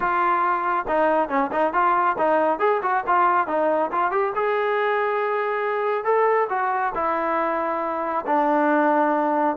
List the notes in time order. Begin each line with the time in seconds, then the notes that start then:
0.00 F4
0.88 D#4
1.28 C#4
1.52 D#4
1.73 F4
2.17 D#4
2.59 G#4
2.82 F#4
3.06 F4
3.47 D#4
3.91 F4
4.11 G4
4.35 G#4
6.04 A4
6.49 F#4
6.94 E4
8.26 D4